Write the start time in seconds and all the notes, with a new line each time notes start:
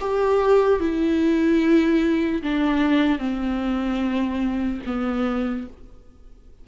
0.00 G4
0.80 E4
2.42 D4
3.18 C4
4.85 B3